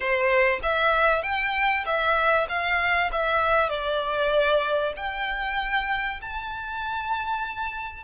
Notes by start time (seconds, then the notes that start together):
0.00 C5
0.62 E5
1.23 G5
1.85 E5
2.48 F5
3.12 E5
3.69 D5
4.96 G5
6.21 A5